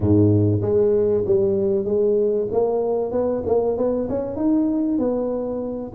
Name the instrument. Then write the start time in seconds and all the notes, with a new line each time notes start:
tuba
0.00 G#2
0.61 G#3
1.26 G3
1.84 G#3
2.51 A#3
3.11 B3
3.45 A#3
3.77 B3
4.09 C#4
4.36 D#4
4.98 B3